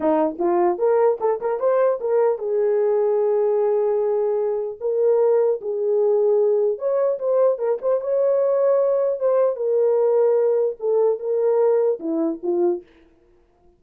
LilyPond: \new Staff \with { instrumentName = "horn" } { \time 4/4 \tempo 4 = 150 dis'4 f'4 ais'4 a'8 ais'8 | c''4 ais'4 gis'2~ | gis'1 | ais'2 gis'2~ |
gis'4 cis''4 c''4 ais'8 c''8 | cis''2. c''4 | ais'2. a'4 | ais'2 e'4 f'4 | }